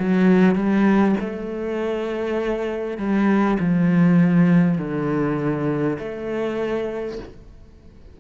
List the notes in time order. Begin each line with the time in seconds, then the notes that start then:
0.00 F#3
0.56 G3
1.21 A3
2.98 G3
3.60 F3
4.78 D3
5.99 A3